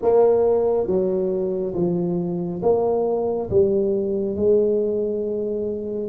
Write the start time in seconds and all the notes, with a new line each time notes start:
0.02 A#3
0.87 F#3
1.74 F3
2.62 A#3
3.50 G3
4.36 G#3